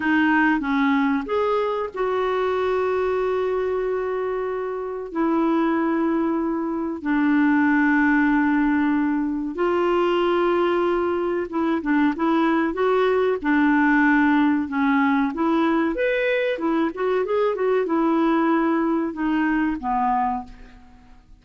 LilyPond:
\new Staff \with { instrumentName = "clarinet" } { \time 4/4 \tempo 4 = 94 dis'4 cis'4 gis'4 fis'4~ | fis'1 | e'2. d'4~ | d'2. f'4~ |
f'2 e'8 d'8 e'4 | fis'4 d'2 cis'4 | e'4 b'4 e'8 fis'8 gis'8 fis'8 | e'2 dis'4 b4 | }